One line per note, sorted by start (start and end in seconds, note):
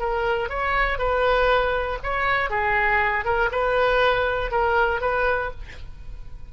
0.00 0.50 A#4
0.50 0.99 C#5
0.99 1.99 B4
2.04 2.50 C#5
2.50 3.25 G#4
3.25 3.50 A#4
3.52 4.52 B4
4.52 5.01 A#4
5.01 5.51 B4